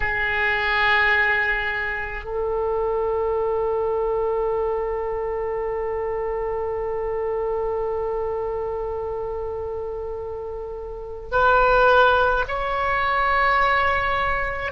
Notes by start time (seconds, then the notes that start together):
0.00 G#4
2.24 A4
11.31 B4
12.47 C#5